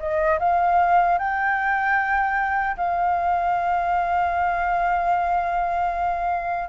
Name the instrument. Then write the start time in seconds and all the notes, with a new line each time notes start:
flute
0.00 D#5
0.40 F5
1.19 G5
2.77 F5